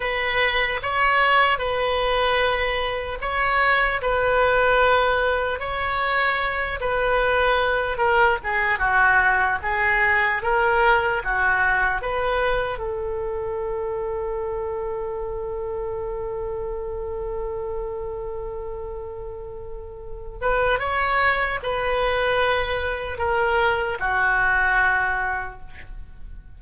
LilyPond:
\new Staff \with { instrumentName = "oboe" } { \time 4/4 \tempo 4 = 75 b'4 cis''4 b'2 | cis''4 b'2 cis''4~ | cis''8 b'4. ais'8 gis'8 fis'4 | gis'4 ais'4 fis'4 b'4 |
a'1~ | a'1~ | a'4. b'8 cis''4 b'4~ | b'4 ais'4 fis'2 | }